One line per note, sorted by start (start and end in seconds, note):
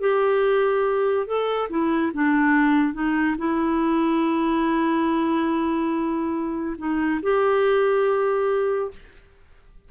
0.00 1.26 G4
1.26 1.69 A4
1.70 2.12 E4
2.14 2.93 D4
2.93 3.36 D#4
3.38 6.76 E4
6.78 7.20 D#4
7.22 8.91 G4